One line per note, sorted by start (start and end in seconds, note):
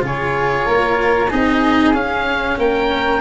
0.00 0.65 C#3
0.00 1.28 F4
0.00 0.66 G#4
0.00 1.32 C#5
0.66 1.31 A#3
0.66 1.29 A#4
1.29 1.94 C4
1.29 1.94 D#4
1.29 2.57 G#4
1.29 1.95 D#5
1.94 2.58 C#4
1.94 3.21 C#4
1.94 2.58 F5
2.58 3.21 A#3
2.58 3.21 A#4
2.58 3.21 G5